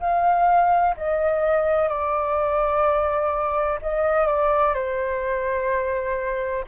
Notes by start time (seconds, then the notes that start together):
0.00 F5
0.96 D#5
1.88 D5
3.82 D#5
4.26 D5
4.74 C5